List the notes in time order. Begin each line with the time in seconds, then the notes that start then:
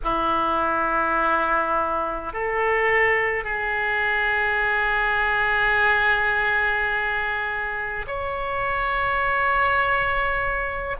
0.03 E4
2.33 A4
3.44 G#4
8.07 C#5